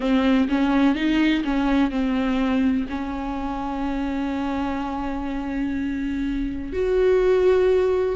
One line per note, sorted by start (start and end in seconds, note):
0.00 0.48 C4
0.48 0.95 C#4
0.95 1.43 D#4
1.44 1.90 C#4
1.90 2.86 C4
2.89 6.72 C#4
6.72 8.16 F#4